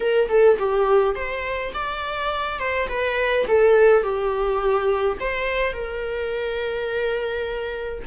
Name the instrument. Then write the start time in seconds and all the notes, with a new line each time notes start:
viola
0.00 A#4
0.29 A4
0.58 G4
1.15 C5
1.73 D5
2.59 C5
2.88 B4
3.47 A4
4.02 G4
5.19 C5
5.73 A#4